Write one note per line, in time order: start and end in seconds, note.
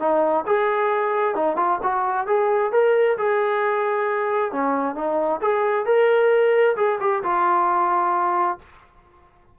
0.00 0.45 D#4
0.47 1.36 G#4
1.36 1.57 D#4
1.57 1.79 F4
1.83 2.27 F#4
2.27 2.72 G#4
2.73 3.18 A#4
3.18 4.53 G#4
4.53 4.96 C#4
4.96 5.41 D#4
5.42 5.86 G#4
5.86 6.76 A#4
6.77 6.99 G#4
7.01 7.23 G4
7.23 8.59 F4